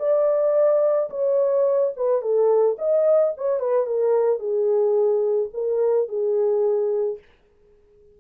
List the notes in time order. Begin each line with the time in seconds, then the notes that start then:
0.00 D5
1.11 C#5
1.97 B4
2.22 A4
2.79 D#5
3.38 C#5
3.60 B4
3.87 A#4
4.40 G#4
5.54 A#4
6.09 G#4